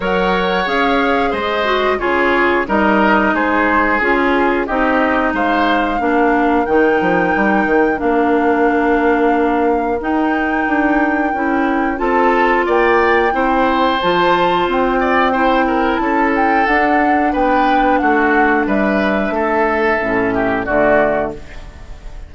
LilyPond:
<<
  \new Staff \with { instrumentName = "flute" } { \time 4/4 \tempo 4 = 90 fis''4 f''4 dis''4 cis''4 | dis''4 c''4 gis'4 dis''4 | f''2 g''2 | f''2. g''4~ |
g''2 a''4 g''4~ | g''4 a''4 g''2 | a''8 g''8 fis''4 g''4 fis''4 | e''2. d''4 | }
  \new Staff \with { instrumentName = "oboe" } { \time 4/4 cis''2 c''4 gis'4 | ais'4 gis'2 g'4 | c''4 ais'2.~ | ais'1~ |
ais'2 a'4 d''4 | c''2~ c''8 d''8 c''8 ais'8 | a'2 b'4 fis'4 | b'4 a'4. g'8 fis'4 | }
  \new Staff \with { instrumentName = "clarinet" } { \time 4/4 ais'4 gis'4. fis'8 f'4 | dis'2 f'4 dis'4~ | dis'4 d'4 dis'2 | d'2. dis'4~ |
dis'4 e'4 f'2 | e'4 f'2 e'4~ | e'4 d'2.~ | d'2 cis'4 a4 | }
  \new Staff \with { instrumentName = "bassoon" } { \time 4/4 fis4 cis'4 gis4 cis4 | g4 gis4 cis'4 c'4 | gis4 ais4 dis8 f8 g8 dis8 | ais2. dis'4 |
d'4 cis'4 c'4 ais4 | c'4 f4 c'2 | cis'4 d'4 b4 a4 | g4 a4 a,4 d4 | }
>>